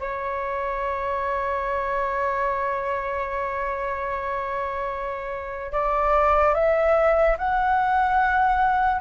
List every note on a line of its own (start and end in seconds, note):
0.00 5.72 C#5
5.72 6.55 D5
6.55 7.37 E5
7.38 9.01 F#5